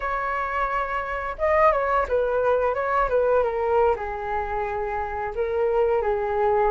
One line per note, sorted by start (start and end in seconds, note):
0.00 1.36 C#5
1.38 1.71 D#5
1.71 2.06 C#5
2.08 2.74 B4
2.74 3.08 C#5
3.09 3.43 B4
3.43 3.95 A#4
3.95 5.33 G#4
5.34 6.02 A#4
6.02 6.71 G#4